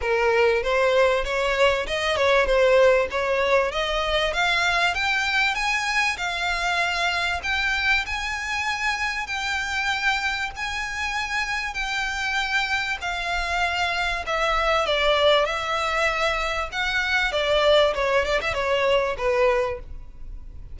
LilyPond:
\new Staff \with { instrumentName = "violin" } { \time 4/4 \tempo 4 = 97 ais'4 c''4 cis''4 dis''8 cis''8 | c''4 cis''4 dis''4 f''4 | g''4 gis''4 f''2 | g''4 gis''2 g''4~ |
g''4 gis''2 g''4~ | g''4 f''2 e''4 | d''4 e''2 fis''4 | d''4 cis''8 d''16 e''16 cis''4 b'4 | }